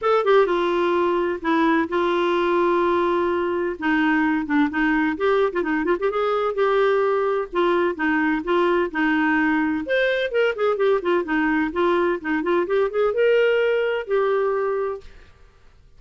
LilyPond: \new Staff \with { instrumentName = "clarinet" } { \time 4/4 \tempo 4 = 128 a'8 g'8 f'2 e'4 | f'1 | dis'4. d'8 dis'4 g'8. f'16 | dis'8 f'16 g'16 gis'4 g'2 |
f'4 dis'4 f'4 dis'4~ | dis'4 c''4 ais'8 gis'8 g'8 f'8 | dis'4 f'4 dis'8 f'8 g'8 gis'8 | ais'2 g'2 | }